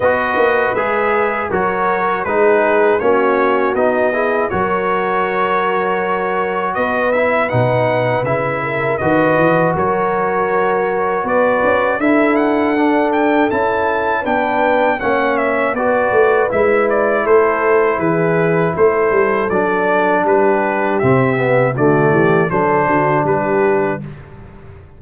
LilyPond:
<<
  \new Staff \with { instrumentName = "trumpet" } { \time 4/4 \tempo 4 = 80 dis''4 e''4 cis''4 b'4 | cis''4 dis''4 cis''2~ | cis''4 dis''8 e''8 fis''4 e''4 | dis''4 cis''2 d''4 |
e''8 fis''4 g''8 a''4 g''4 | fis''8 e''8 d''4 e''8 d''8 c''4 | b'4 c''4 d''4 b'4 | e''4 d''4 c''4 b'4 | }
  \new Staff \with { instrumentName = "horn" } { \time 4/4 b'2 ais'4 gis'4 | fis'4. gis'8 ais'2~ | ais'4 b'2~ b'8 ais'8 | b'4 ais'2 b'4 |
a'2. b'4 | cis''4 b'2 a'4 | gis'4 a'2 g'4~ | g'4 fis'8 g'8 a'8 fis'8 g'4 | }
  \new Staff \with { instrumentName = "trombone" } { \time 4/4 fis'4 gis'4 fis'4 dis'4 | cis'4 dis'8 e'8 fis'2~ | fis'4. e'8 dis'4 e'4 | fis'1 |
e'4 d'4 e'4 d'4 | cis'4 fis'4 e'2~ | e'2 d'2 | c'8 b8 a4 d'2 | }
  \new Staff \with { instrumentName = "tuba" } { \time 4/4 b8 ais8 gis4 fis4 gis4 | ais4 b4 fis2~ | fis4 b4 b,4 cis4 | dis8 e8 fis2 b8 cis'8 |
d'2 cis'4 b4 | ais4 b8 a8 gis4 a4 | e4 a8 g8 fis4 g4 | c4 d8 e8 fis8 d8 g4 | }
>>